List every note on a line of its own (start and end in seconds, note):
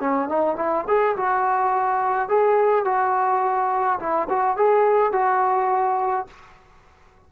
0.00 0.29 C#4
0.29 0.56 D#4
0.56 0.84 E4
0.87 1.16 G#4
1.16 2.29 F#4
2.29 2.85 G#4
2.85 3.99 F#4
3.99 4.28 E4
4.29 4.57 F#4
4.57 5.12 G#4
5.12 6.27 F#4